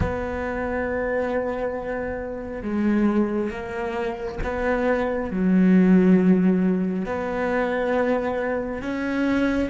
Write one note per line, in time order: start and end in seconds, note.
0.00 2.62 B3
2.62 3.50 G#3
3.50 4.38 A#3
4.43 5.31 B3
5.31 7.05 F#3
7.05 8.82 B3
8.82 9.70 C#4